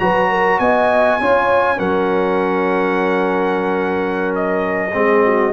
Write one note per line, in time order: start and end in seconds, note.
0.00 0.59 F#3
0.00 1.21 F#4
0.00 0.30 B4
0.00 0.60 A#5
0.30 0.60 A#4
0.59 1.20 B3
0.59 1.21 D#5
0.59 1.80 G#5
1.21 1.79 C#4
1.21 1.77 F4
1.21 1.78 C#5
1.77 4.95 F#3
1.77 4.92 C#4
1.77 4.93 A#4
1.77 4.35 F#5
4.36 5.53 D#5
4.94 5.53 G#3
4.94 5.53 C4
4.94 5.25 G#4
5.25 5.53 F#4